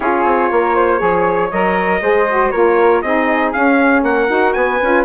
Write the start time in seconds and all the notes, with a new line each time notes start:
0.00 C#4 F4 G#4 C#5
0.24 C4
0.51 A#3 A#4
0.75 C5
0.98 F3 G#4 C#5
1.50 F#3 A#4 D#5
2.01 G#3 G#4 C5
2.29 F#4
2.50 A#3 F4 A#4 C#5
3.01 C4 D#4 G#4 D#5
3.52 C#4 F5
4.03 A#3 A#4 F#5
4.28 D#4 F#4
4.53 B3 B4 G#5
4.82 C#4 F4